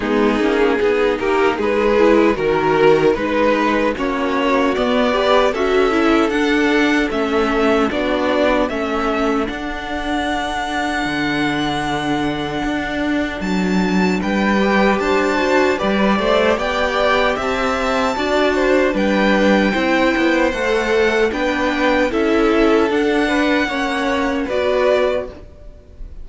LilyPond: <<
  \new Staff \with { instrumentName = "violin" } { \time 4/4 \tempo 4 = 76 gis'4. ais'8 b'4 ais'4 | b'4 cis''4 d''4 e''4 | fis''4 e''4 d''4 e''4 | fis''1~ |
fis''4 a''4 g''4 a''4 | d''4 g''4 a''2 | g''2 fis''4 g''4 | e''4 fis''2 d''4 | }
  \new Staff \with { instrumentName = "violin" } { \time 4/4 dis'4 gis'8 g'8 gis'4 ais'4 | b'4 fis'4. b'8 a'4~ | a'2 fis'4 a'4~ | a'1~ |
a'2 b'4 c''4 | b'8 c''8 d''4 e''4 d''8 c''8 | b'4 c''2 b'4 | a'4. b'8 cis''4 b'4 | }
  \new Staff \with { instrumentName = "viola" } { \time 4/4 b8 cis'8 dis'4. e'8 fis'4 | dis'4 cis'4 b8 g'8 fis'8 e'8 | d'4 cis'4 d'4 cis'4 | d'1~ |
d'2~ d'8 g'4 fis'8 | g'2. fis'4 | d'4 e'4 a'4 d'4 | e'4 d'4 cis'4 fis'4 | }
  \new Staff \with { instrumentName = "cello" } { \time 4/4 gis8 ais8 b8 ais8 gis4 dis4 | gis4 ais4 b4 cis'4 | d'4 a4 b4 a4 | d'2 d2 |
d'4 fis4 g4 d'4 | g8 a8 b4 c'4 d'4 | g4 c'8 b8 a4 b4 | cis'4 d'4 ais4 b4 | }
>>